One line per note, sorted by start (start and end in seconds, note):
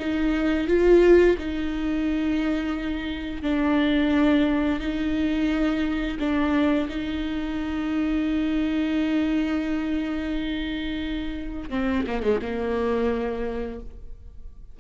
0.00 0.68 D#4
0.68 1.37 F4
1.39 3.43 D#4
3.43 4.80 D4
4.80 6.18 D#4
6.20 6.89 D4
6.89 11.70 D#4
11.70 12.05 C4
12.07 12.23 A#3
12.23 12.40 G#3
12.42 13.80 A#3